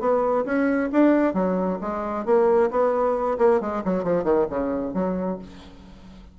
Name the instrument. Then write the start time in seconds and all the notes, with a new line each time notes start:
bassoon
0.00 B3
0.45 C#4
0.93 D4
1.34 F#3
1.82 G#3
2.26 A#3
2.71 B3
3.39 A#3
3.61 G#3
3.85 F#3
4.04 F3
4.24 D#3
4.50 C#3
4.94 F#3